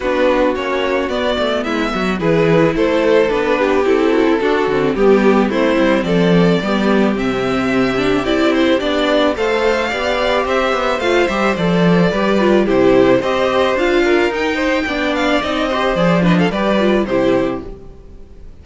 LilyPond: <<
  \new Staff \with { instrumentName = "violin" } { \time 4/4 \tempo 4 = 109 b'4 cis''4 d''4 e''4 | b'4 c''4 b'4 a'4~ | a'4 g'4 c''4 d''4~ | d''4 e''2 d''8 c''8 |
d''4 f''2 e''4 | f''8 e''8 d''2 c''4 | dis''4 f''4 g''4. f''8 | dis''4 d''8 dis''16 f''16 d''4 c''4 | }
  \new Staff \with { instrumentName = "violin" } { \time 4/4 fis'2. e'8 fis'8 | gis'4 a'4. g'4 fis'16 e'16 | fis'4 g'4 e'4 a'4 | g'1~ |
g'4 c''4 d''4 c''4~ | c''2 b'4 g'4 | c''4. ais'4 c''8 d''4~ | d''8 c''4 b'16 a'16 b'4 g'4 | }
  \new Staff \with { instrumentName = "viola" } { \time 4/4 d'4 cis'4 b2 | e'2 d'4 e'4 | d'8 c'8 b4 c'2 | b4 c'4. d'8 e'4 |
d'4 a'4 g'2 | f'8 g'8 a'4 g'8 f'8 e'4 | g'4 f'4 dis'4 d'4 | dis'8 g'8 gis'8 d'8 g'8 f'8 e'4 | }
  \new Staff \with { instrumentName = "cello" } { \time 4/4 b4 ais4 b8 a8 gis8 fis8 | e4 a4 b4 c'4 | d'8 d8 g4 a8 g8 f4 | g4 c2 c'4 |
b4 a4 b4 c'8 b8 | a8 g8 f4 g4 c4 | c'4 d'4 dis'4 b4 | c'4 f4 g4 c4 | }
>>